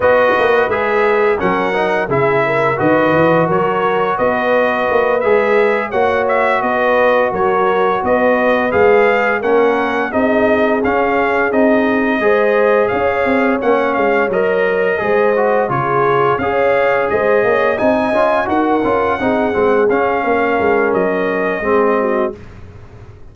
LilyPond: <<
  \new Staff \with { instrumentName = "trumpet" } { \time 4/4 \tempo 4 = 86 dis''4 e''4 fis''4 e''4 | dis''4 cis''4 dis''4. e''8~ | e''8 fis''8 e''8 dis''4 cis''4 dis''8~ | dis''8 f''4 fis''4 dis''4 f''8~ |
f''8 dis''2 f''4 fis''8 | f''8 dis''2 cis''4 f''8~ | f''8 dis''4 gis''4 fis''4.~ | fis''8 f''4. dis''2 | }
  \new Staff \with { instrumentName = "horn" } { \time 4/4 b'2 ais'4 gis'8 ais'8 | b'4 ais'4 b'2~ | b'8 cis''4 b'4 ais'4 b'8~ | b'4. ais'4 gis'4.~ |
gis'4. c''4 cis''4.~ | cis''4. c''4 gis'4 cis''8~ | cis''8 c''8 cis''8 dis''4 ais'4 gis'8~ | gis'4 ais'2 gis'8 fis'8 | }
  \new Staff \with { instrumentName = "trombone" } { \time 4/4 fis'4 gis'4 cis'8 dis'8 e'4 | fis'2.~ fis'8 gis'8~ | gis'8 fis'2.~ fis'8~ | fis'8 gis'4 cis'4 dis'4 cis'8~ |
cis'8 dis'4 gis'2 cis'8~ | cis'8 ais'4 gis'8 fis'8 f'4 gis'8~ | gis'4. dis'8 f'8 fis'8 f'8 dis'8 | c'8 cis'2~ cis'8 c'4 | }
  \new Staff \with { instrumentName = "tuba" } { \time 4/4 b8 ais8 gis4 fis4 cis4 | dis8 e8 fis4 b4 ais8 gis8~ | gis8 ais4 b4 fis4 b8~ | b8 gis4 ais4 c'4 cis'8~ |
cis'8 c'4 gis4 cis'8 c'8 ais8 | gis8 fis4 gis4 cis4 cis'8~ | cis'8 gis8 ais8 c'8 cis'8 dis'8 cis'8 c'8 | gis8 cis'8 ais8 gis8 fis4 gis4 | }
>>